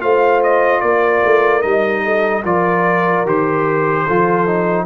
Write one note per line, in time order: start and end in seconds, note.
0.00 0.83 A3
0.00 1.62 F4
0.00 0.83 C5
0.00 0.42 F5
0.43 0.81 D#5
0.81 1.23 A#3
0.81 2.04 A#4
0.81 1.62 D5
1.26 1.65 A3
1.62 2.45 G3
1.62 2.43 D#4
1.62 2.43 D#5
2.04 2.45 A4
2.45 3.26 F3
2.45 3.26 F4
2.45 4.06 A#4
2.45 3.27 D5
3.26 4.07 D#3
3.26 4.07 G4
3.26 4.86 C5
4.06 4.86 F3
4.06 4.47 F4
4.06 4.86 A4
4.47 4.86 D#4